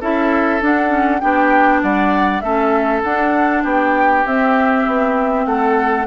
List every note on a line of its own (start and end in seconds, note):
0.00 0.61 C#4
0.00 0.61 E4
0.00 1.21 A4
0.00 0.62 E5
0.61 0.89 D4
0.61 1.22 D4
0.61 1.20 F#5
0.89 1.19 C#4
1.20 1.83 B3
1.20 2.42 D4
1.20 1.82 G4
1.20 1.81 G5
1.82 2.42 G3
1.82 2.43 D5
1.82 2.40 F#5
2.40 3.02 A3
2.40 3.04 C#4
2.40 3.63 A4
2.40 3.01 E5
3.03 3.64 D4
3.03 4.26 D4
3.03 3.64 F#5
3.63 4.24 B3
3.63 5.45 G4
3.63 4.26 G5
4.26 4.86 C4
4.26 6.06 C4
4.26 5.46 E5
4.86 5.46 B3
5.46 6.06 A3
5.46 6.06 A4
5.46 6.06 F#5